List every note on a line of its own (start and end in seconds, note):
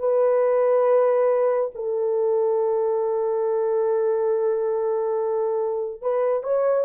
0.00 1.71 B4
1.75 6.02 A4
6.02 6.44 B4
6.44 6.85 C#5